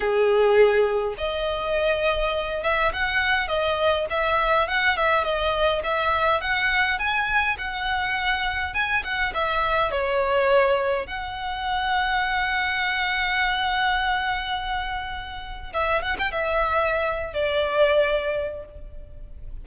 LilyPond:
\new Staff \with { instrumentName = "violin" } { \time 4/4 \tempo 4 = 103 gis'2 dis''2~ | dis''8 e''8 fis''4 dis''4 e''4 | fis''8 e''8 dis''4 e''4 fis''4 | gis''4 fis''2 gis''8 fis''8 |
e''4 cis''2 fis''4~ | fis''1~ | fis''2. e''8 fis''16 g''16 | e''4.~ e''16 d''2~ d''16 | }